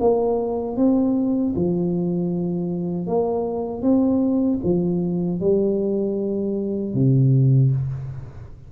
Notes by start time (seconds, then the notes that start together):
0.00 A#3
0.77 C4
1.55 F3
3.07 A#3
3.82 C4
4.64 F3
5.40 G3
6.94 C3